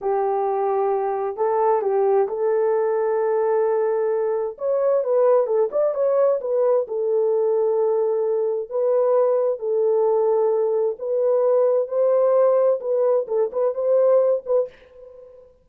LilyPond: \new Staff \with { instrumentName = "horn" } { \time 4/4 \tempo 4 = 131 g'2. a'4 | g'4 a'2.~ | a'2 cis''4 b'4 | a'8 d''8 cis''4 b'4 a'4~ |
a'2. b'4~ | b'4 a'2. | b'2 c''2 | b'4 a'8 b'8 c''4. b'8 | }